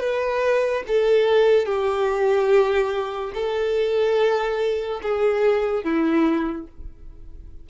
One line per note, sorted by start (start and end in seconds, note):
0.00 0.83 B4
0.87 1.66 A4
1.66 3.33 G4
3.34 5.01 A4
5.03 5.84 G#4
5.84 6.67 E4